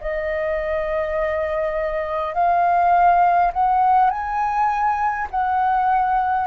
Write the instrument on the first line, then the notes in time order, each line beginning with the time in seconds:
flute
0.00 D#5
2.34 F5
3.52 F#5
4.10 G#5
5.30 F#5